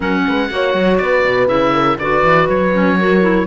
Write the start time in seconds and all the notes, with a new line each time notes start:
0.00 F#3 C#4 A#4 F#5
0.27 G#3 B4
0.49 A#3 F#4 C#5
0.74 F#3
0.98 B3 B4 D5
1.24 B2
1.47 C#3 E4 E5
1.73 A#4
1.98 D3 F#4 B4 D5
2.23 E3
2.49 F#3 C#5
2.73 C#4
2.98 F#4 A#4
3.21 E4